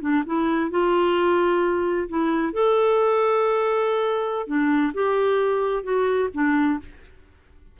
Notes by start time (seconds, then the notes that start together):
0.00 D4
0.26 E4
0.70 F4
2.08 E4
2.53 A4
4.46 D4
4.93 G4
5.83 F#4
6.33 D4